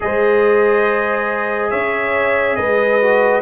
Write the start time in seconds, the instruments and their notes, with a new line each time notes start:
0.00 tuba G#3, trombone G#4, horn C5, trumpet D#5
1.70 tuba C#4, horn C#5, trumpet E5
2.55 tuba G#3, horn B4, trumpet D#5
3.01 trombone F#4